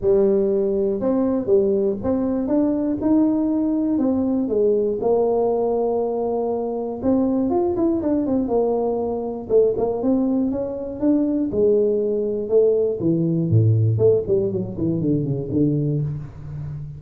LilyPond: \new Staff \with { instrumentName = "tuba" } { \time 4/4 \tempo 4 = 120 g2 c'4 g4 | c'4 d'4 dis'2 | c'4 gis4 ais2~ | ais2 c'4 f'8 e'8 |
d'8 c'8 ais2 a8 ais8 | c'4 cis'4 d'4 gis4~ | gis4 a4 e4 a,4 | a8 g8 fis8 e8 d8 cis8 d4 | }